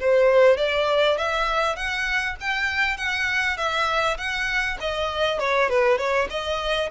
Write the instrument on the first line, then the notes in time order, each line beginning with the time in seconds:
violin
0.00 C5
0.57 D5
1.17 E5
1.76 F#5
2.40 G5
2.97 F#5
3.57 E5
4.18 F#5
4.80 D#5
5.39 C#5
5.69 B4
5.98 C#5
6.30 D#5